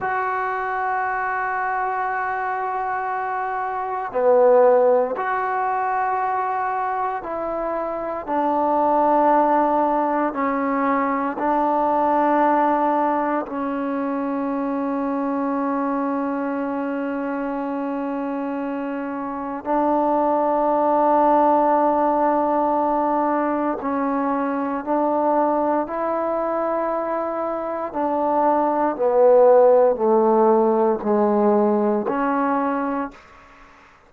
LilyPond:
\new Staff \with { instrumentName = "trombone" } { \time 4/4 \tempo 4 = 58 fis'1 | b4 fis'2 e'4 | d'2 cis'4 d'4~ | d'4 cis'2.~ |
cis'2. d'4~ | d'2. cis'4 | d'4 e'2 d'4 | b4 a4 gis4 cis'4 | }